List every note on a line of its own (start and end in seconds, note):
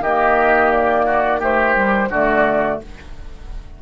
0.00 2.07 D#3
0.00 1.05 G4
0.00 0.72 D#5
0.06 1.41 A#3
0.72 1.41 D5
1.05 1.40 F#4
1.40 1.75 A3
1.40 2.08 G4
1.40 2.11 C5
1.75 2.09 G3
2.09 2.78 D3
2.09 2.82 A3
2.09 2.79 F#4
2.09 2.80 D5